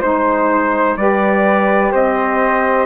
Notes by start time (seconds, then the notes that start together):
0.00 G#3 D#4 C5
0.96 G3 G4 B4 D5
1.92 C4 C5 D#5